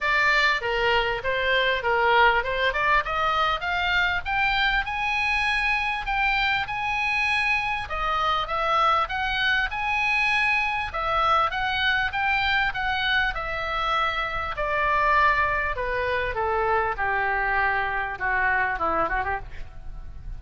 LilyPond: \new Staff \with { instrumentName = "oboe" } { \time 4/4 \tempo 4 = 99 d''4 ais'4 c''4 ais'4 | c''8 d''8 dis''4 f''4 g''4 | gis''2 g''4 gis''4~ | gis''4 dis''4 e''4 fis''4 |
gis''2 e''4 fis''4 | g''4 fis''4 e''2 | d''2 b'4 a'4 | g'2 fis'4 e'8 fis'16 g'16 | }